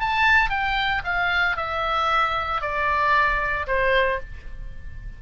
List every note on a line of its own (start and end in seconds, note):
0.00 0.50 A5
0.50 1.02 G5
1.04 1.56 F5
1.56 2.61 E5
2.61 3.67 D5
3.67 4.20 C5